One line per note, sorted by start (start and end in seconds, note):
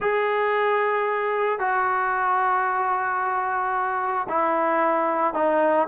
0.00 1.59 G#4
1.59 4.27 F#4
4.29 5.34 E4
5.34 5.87 D#4